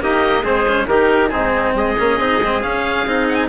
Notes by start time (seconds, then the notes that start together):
0.00 A#3 D#4 G4 D#5
0.43 G#3 C4 G#4 C5
0.68 C#4
0.87 D#3 D#4 G4 A#4
1.29 C4 D#4 G#4
1.35 G#2
1.74 G#3 G#4 D#5
1.99 A#3 C#4
2.19 C4 D#4
2.43 G#3 C4
2.62 C#4 F5
3.07 C4 D#4
3.29 F#5 G#5